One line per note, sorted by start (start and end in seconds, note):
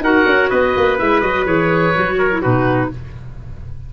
0.00 0.24 D#4
0.00 0.98 F#4
0.00 0.50 A#4
0.00 0.50 F#5
0.26 0.50 C#4
0.50 0.77 B3
0.50 2.18 B4
0.50 0.98 D#5
0.77 1.01 A#3
0.98 1.23 G#3
0.98 1.22 E4
0.98 1.21 E5
1.21 1.46 F#3
1.21 1.46 F#4
1.21 1.45 D#5
1.46 1.94 E3
1.46 1.94 G#4
1.46 2.42 C#5
1.95 2.45 F#3
1.95 2.31 F#4
2.19 2.42 A#4
2.31 2.43 E4
2.42 2.93 B2
2.42 2.91 D#4
2.42 2.90 F#4
2.42 2.90 B4